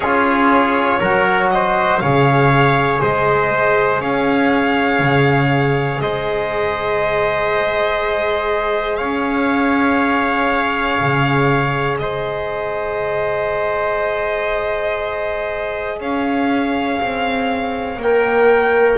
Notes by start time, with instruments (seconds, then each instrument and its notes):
0.00 double bass C#4, trombone F4, trumpet G#4, violin C#5
0.99 double bass F#3, trombone F#4, trumpet A#4
1.50 trumpet C5, violin D#5
1.99 double bass C#3, trombone G#4, trumpet C#5, violin F5
3.01 double bass G#3, trumpet C5, violin D#5
3.99 double bass C#4, trumpet C#5, violin F5
4.99 double bass C#3
6.00 double bass G#3, trumpet C5, violin D#5
8.96 double bass C#4, trumpet C#5, violin F5
11.00 double bass C#3
11.99 double bass G#3, trumpet C5, violin D#5
15.99 double bass C#4, trumpet C#5, violin F5
17.00 double bass C4
17.96 double bass A#3, violin G5
18.02 trombone A#4